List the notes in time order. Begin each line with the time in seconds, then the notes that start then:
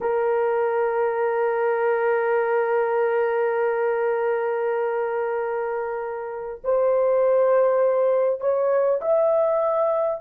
0.01 A#4
6.64 C5
8.40 C#5
9.01 E5